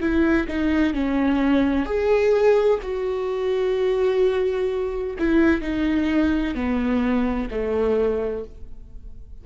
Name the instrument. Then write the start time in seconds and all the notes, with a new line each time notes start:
viola
0.00 E4
0.47 D#4
0.93 C#4
1.85 G#4
2.82 F#4
5.19 E4
5.61 D#4
6.55 B3
7.50 A3